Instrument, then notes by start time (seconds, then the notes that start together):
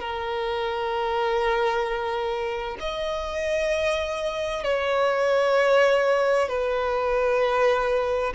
violin
0.00 A#4
2.79 D#5
4.64 C#5
6.48 B4